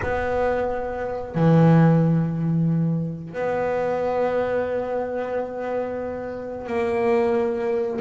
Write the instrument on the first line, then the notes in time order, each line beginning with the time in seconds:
double bass
0.02 B3
1.35 E3
3.33 B3
6.66 A#3